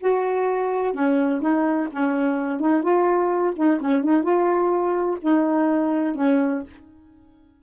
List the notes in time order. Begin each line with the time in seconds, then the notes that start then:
0.00 F#4
0.94 C#4
1.41 D#4
1.92 C#4
2.60 D#4
2.83 F4
3.56 D#4
3.81 C#4
4.04 D#4
4.23 F4
5.22 D#4
6.15 C#4